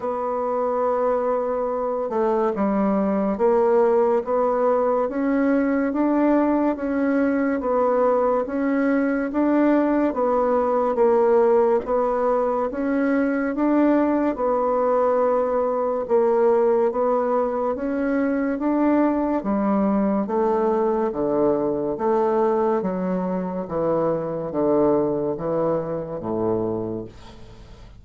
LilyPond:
\new Staff \with { instrumentName = "bassoon" } { \time 4/4 \tempo 4 = 71 b2~ b8 a8 g4 | ais4 b4 cis'4 d'4 | cis'4 b4 cis'4 d'4 | b4 ais4 b4 cis'4 |
d'4 b2 ais4 | b4 cis'4 d'4 g4 | a4 d4 a4 fis4 | e4 d4 e4 a,4 | }